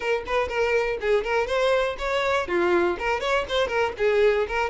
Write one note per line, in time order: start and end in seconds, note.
0.00 0.23 A#4
0.26 0.48 B4
0.48 0.98 A#4
1.00 1.24 G#4
1.24 1.47 A#4
1.47 1.96 C5
1.98 2.47 C#5
2.47 2.97 F4
2.98 3.20 A#4
3.20 3.45 C#5
3.48 3.67 C5
3.67 3.92 A#4
3.97 4.47 G#4
4.48 4.69 A#4